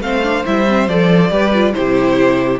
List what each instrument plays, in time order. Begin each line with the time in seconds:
0.00 cello A3, viola C4, violin C5 F5
0.23 viola D4
0.45 cello G3, viola E4, violin E5
0.68 viola C4
0.87 cello F3, viola A4, violin D5
1.31 cello G3, viola G4, violin B4
1.54 viola F4
1.73 cello C3, viola E4, violin G4 C5